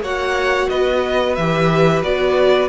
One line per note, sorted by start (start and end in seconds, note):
0.00 0.67 A#3
0.00 1.37 F#4
0.00 0.69 C#5
0.00 0.69 F#5
0.69 1.37 B3
0.69 2.68 B4
0.69 1.35 D#5
1.35 2.03 E3
1.35 2.03 G4
1.35 2.02 E5
2.03 2.68 B3
2.03 2.68 F#4
2.03 2.68 D5